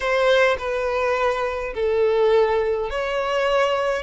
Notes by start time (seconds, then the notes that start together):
0.00 C5
0.58 B4
1.74 A4
2.90 C#5